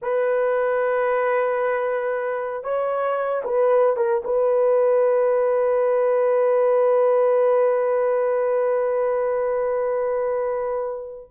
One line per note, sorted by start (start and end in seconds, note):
0.01 2.63 B4
2.63 3.42 C#5
3.44 3.96 B4
3.96 4.22 A#4
4.24 11.31 B4